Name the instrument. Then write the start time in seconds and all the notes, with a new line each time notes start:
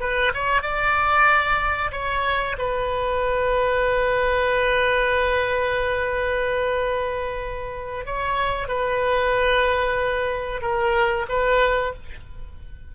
oboe
0.00 B4
0.34 C#5
0.62 D5
1.91 C#5
2.58 B4
8.05 C#5
8.68 B4
10.61 A#4
11.28 B4